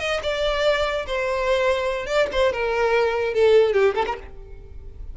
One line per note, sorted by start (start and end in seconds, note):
0.00 0.21 D#5
0.23 1.06 D5
1.07 2.07 C5
2.07 2.27 D5
2.32 2.53 C5
2.53 3.34 A#4
3.34 3.74 A4
3.74 3.95 G4
3.95 4.05 A4
4.07 4.17 A#4